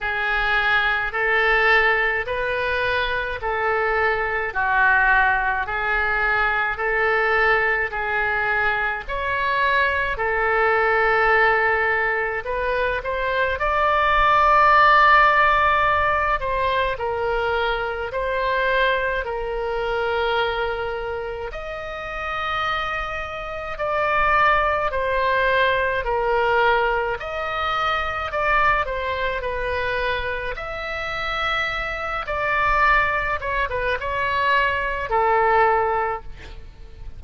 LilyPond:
\new Staff \with { instrumentName = "oboe" } { \time 4/4 \tempo 4 = 53 gis'4 a'4 b'4 a'4 | fis'4 gis'4 a'4 gis'4 | cis''4 a'2 b'8 c''8 | d''2~ d''8 c''8 ais'4 |
c''4 ais'2 dis''4~ | dis''4 d''4 c''4 ais'4 | dis''4 d''8 c''8 b'4 e''4~ | e''8 d''4 cis''16 b'16 cis''4 a'4 | }